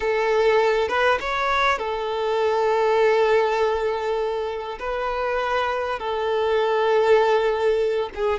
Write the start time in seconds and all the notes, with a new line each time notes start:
0.00 A4
0.88 B4
1.20 C#5
1.78 A4
4.79 B4
5.99 A4
8.14 G#4